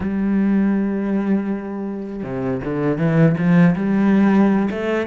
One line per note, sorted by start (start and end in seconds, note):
0.00 2.23 G3
2.23 2.60 C3
2.64 2.98 D3
2.98 3.35 E3
3.38 3.75 F3
3.75 4.69 G3
4.70 5.07 A3